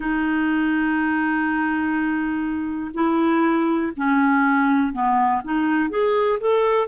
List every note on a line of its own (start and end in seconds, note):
0.00 2.91 D#4
2.94 3.92 E4
3.96 4.92 C#4
4.92 5.41 B3
5.44 5.89 D#4
5.89 6.38 G#4
6.39 6.87 A4